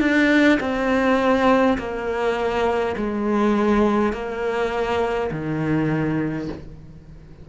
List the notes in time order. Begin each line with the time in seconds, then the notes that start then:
0.00 D4
0.60 C4
1.78 A#3
2.96 G#3
4.13 A#3
5.31 D#3